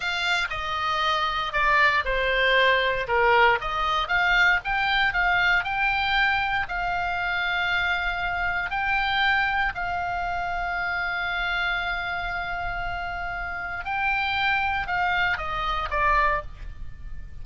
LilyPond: \new Staff \with { instrumentName = "oboe" } { \time 4/4 \tempo 4 = 117 f''4 dis''2 d''4 | c''2 ais'4 dis''4 | f''4 g''4 f''4 g''4~ | g''4 f''2.~ |
f''4 g''2 f''4~ | f''1~ | f''2. g''4~ | g''4 f''4 dis''4 d''4 | }